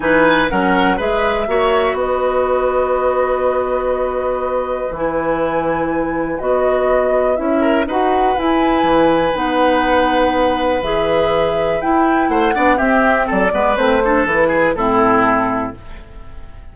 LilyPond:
<<
  \new Staff \with { instrumentName = "flute" } { \time 4/4 \tempo 4 = 122 gis''4 fis''4 e''2 | dis''1~ | dis''2 gis''2~ | gis''4 dis''2 e''4 |
fis''4 gis''2 fis''4~ | fis''2 e''2 | g''4 fis''4 e''4 d''4 | c''4 b'4 a'2 | }
  \new Staff \with { instrumentName = "oboe" } { \time 4/4 b'4 ais'4 b'4 cis''4 | b'1~ | b'1~ | b'2.~ b'8 ais'8 |
b'1~ | b'1~ | b'4 c''8 d''8 g'4 a'8 b'8~ | b'8 a'4 gis'8 e'2 | }
  \new Staff \with { instrumentName = "clarinet" } { \time 4/4 dis'4 cis'4 gis'4 fis'4~ | fis'1~ | fis'2 e'2~ | e'4 fis'2 e'4 |
fis'4 e'2 dis'4~ | dis'2 gis'2 | e'4. d'8 c'4. b8 | c'8 d'8 e'4 c'2 | }
  \new Staff \with { instrumentName = "bassoon" } { \time 4/4 e4 fis4 gis4 ais4 | b1~ | b2 e2~ | e4 b2 cis'4 |
dis'4 e'4 e4 b4~ | b2 e2 | e'4 a8 b8 c'4 fis8 gis8 | a4 e4 a,2 | }
>>